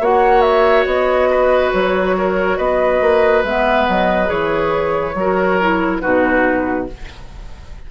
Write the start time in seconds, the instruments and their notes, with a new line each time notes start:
0.00 bassoon A#3, clarinet F#4, oboe C#5, flute F#5
0.41 flute E5
0.86 bassoon B3, flute D#5
1.30 oboe B4
1.72 bassoon F#3, flute C#5
2.18 oboe A#4
2.57 bassoon B3, oboe B4, flute D#5
3.01 bassoon A#3
3.44 bassoon G#3, clarinet B3, flute E5
3.89 bassoon F#3, flute D#5
4.26 bassoon E3, clarinet G#4, flute C#5
5.15 bassoon F#3, clarinet F#4, oboe A#4
5.61 clarinet E4
6.00 bassoon B2, clarinet D#4, oboe F#4, flute B4